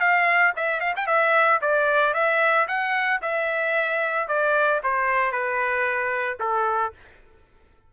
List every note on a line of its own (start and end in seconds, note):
0.00 0.53 F5
0.56 0.81 E5
0.81 0.94 F5
0.97 1.07 G5
1.07 1.60 E5
1.62 2.14 D5
2.14 2.67 E5
2.68 3.21 F#5
3.22 4.28 E5
4.28 4.81 D5
4.84 5.32 C5
5.32 6.38 B4
6.40 6.93 A4